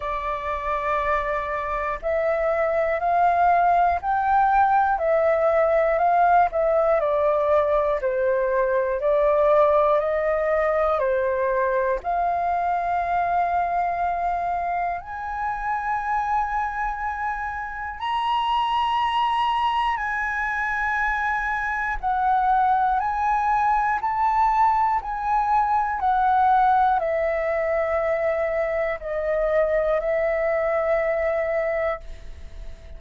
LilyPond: \new Staff \with { instrumentName = "flute" } { \time 4/4 \tempo 4 = 60 d''2 e''4 f''4 | g''4 e''4 f''8 e''8 d''4 | c''4 d''4 dis''4 c''4 | f''2. gis''4~ |
gis''2 ais''2 | gis''2 fis''4 gis''4 | a''4 gis''4 fis''4 e''4~ | e''4 dis''4 e''2 | }